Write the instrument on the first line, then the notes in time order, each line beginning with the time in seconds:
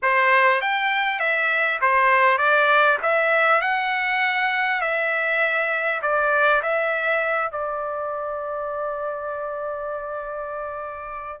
trumpet
0.02 C5
0.61 G5
1.19 E5
1.81 C5
2.38 D5
3.02 E5
3.61 F#5
4.81 E5
6.02 D5
6.62 E5
7.51 D5